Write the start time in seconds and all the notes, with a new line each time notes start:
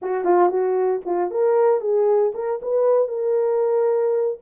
0.02 F#4
0.24 F4
0.49 F#4
1.05 F4
1.30 A#4
1.80 G#4
2.34 A#4
2.61 B4
3.08 A#4